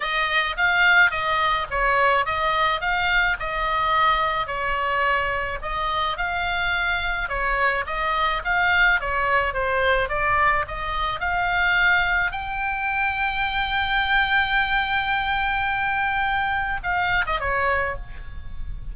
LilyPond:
\new Staff \with { instrumentName = "oboe" } { \time 4/4 \tempo 4 = 107 dis''4 f''4 dis''4 cis''4 | dis''4 f''4 dis''2 | cis''2 dis''4 f''4~ | f''4 cis''4 dis''4 f''4 |
cis''4 c''4 d''4 dis''4 | f''2 g''2~ | g''1~ | g''2 f''8. dis''16 cis''4 | }